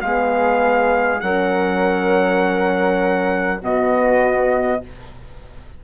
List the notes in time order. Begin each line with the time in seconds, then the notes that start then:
0.00 G#3 B3 G#4 F5
1.20 F#3 C#4 A#4 F#5
3.60 B2 B3 F#4 D#5